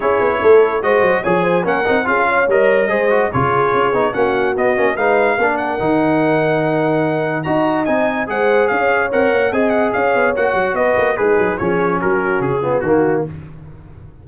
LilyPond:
<<
  \new Staff \with { instrumentName = "trumpet" } { \time 4/4 \tempo 4 = 145 cis''2 dis''4 gis''4 | fis''4 f''4 dis''2 | cis''2 fis''4 dis''4 | f''4. fis''2~ fis''8~ |
fis''2 ais''4 gis''4 | fis''4 f''4 fis''4 gis''8 fis''8 | f''4 fis''4 dis''4 b'4 | cis''4 ais'4 gis'4 fis'4 | }
  \new Staff \with { instrumentName = "horn" } { \time 4/4 gis'4 a'4 c''4 cis''8 c''8 | ais'4 gis'8 cis''4. c''4 | gis'2 fis'2 | b'4 ais'2.~ |
ais'2 dis''2 | c''4 cis''2 dis''4 | cis''2 b'4 dis'4 | gis'4 fis'4. f'8 fis'4 | }
  \new Staff \with { instrumentName = "trombone" } { \time 4/4 e'2 fis'4 gis'4 | cis'8 dis'8 f'4 ais'4 gis'8 fis'8 | f'4. dis'8 cis'4 b8 cis'8 | dis'4 d'4 dis'2~ |
dis'2 fis'4 dis'4 | gis'2 ais'4 gis'4~ | gis'4 fis'2 gis'4 | cis'2~ cis'8 b8 ais4 | }
  \new Staff \with { instrumentName = "tuba" } { \time 4/4 cis'8 b8 a4 gis8 fis8 f4 | ais8 c'8 cis'4 g4 gis4 | cis4 cis'8 b8 ais4 b8 ais8 | gis4 ais4 dis2~ |
dis2 dis'4 c'4 | gis4 cis'4 c'8 ais8 c'4 | cis'8 b8 ais8 fis8 b8 ais8 gis8 fis8 | f4 fis4 cis4 dis4 | }
>>